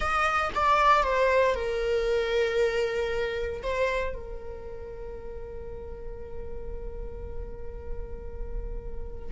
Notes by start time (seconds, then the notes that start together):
0.00 D#5
0.54 D5
1.03 C5
1.54 A#4
3.62 C5
4.14 A#4